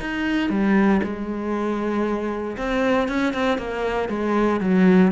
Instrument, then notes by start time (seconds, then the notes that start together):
cello
0.00 D#4
0.50 G3
1.03 G#3
2.57 C4
3.09 C#4
3.34 C4
3.58 A#3
4.09 G#3
4.61 F#3